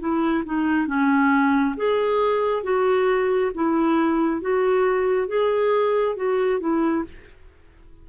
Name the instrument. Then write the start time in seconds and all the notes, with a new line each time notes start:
clarinet
0.00 E4
0.46 D#4
0.87 C#4
1.77 G#4
2.64 F#4
3.55 E4
4.42 F#4
5.28 G#4
6.16 F#4
6.60 E4